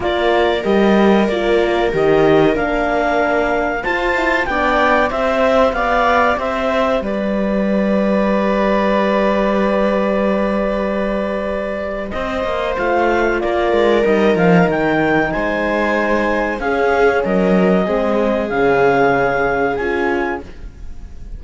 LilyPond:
<<
  \new Staff \with { instrumentName = "clarinet" } { \time 4/4 \tempo 4 = 94 d''4 dis''4 d''4 dis''4 | f''2 a''4 g''4 | e''4 f''4 e''4 d''4~ | d''1~ |
d''2. dis''4 | f''4 d''4 dis''8 f''8 g''4 | gis''2 f''4 dis''4~ | dis''4 f''2 gis''4 | }
  \new Staff \with { instrumentName = "viola" } { \time 4/4 ais'1~ | ais'2 c''4 d''4 | c''4 d''4 c''4 b'4~ | b'1~ |
b'2. c''4~ | c''4 ais'2. | c''2 gis'4 ais'4 | gis'1 | }
  \new Staff \with { instrumentName = "horn" } { \time 4/4 f'4 g'4 f'4 g'4 | d'2 f'8 e'8 d'4 | g'1~ | g'1~ |
g'1 | f'2 dis'2~ | dis'2 cis'2 | c'4 cis'2 f'4 | }
  \new Staff \with { instrumentName = "cello" } { \time 4/4 ais4 g4 ais4 dis4 | ais2 f'4 b4 | c'4 b4 c'4 g4~ | g1~ |
g2. c'8 ais8 | a4 ais8 gis8 g8 f8 dis4 | gis2 cis'4 fis4 | gis4 cis2 cis'4 | }
>>